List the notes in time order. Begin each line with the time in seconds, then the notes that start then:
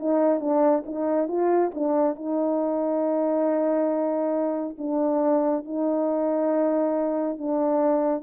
0.00 D#4
0.41 D4
0.86 D#4
1.28 F4
1.75 D4
2.16 D#4
4.78 D4
5.65 D#4
7.38 D4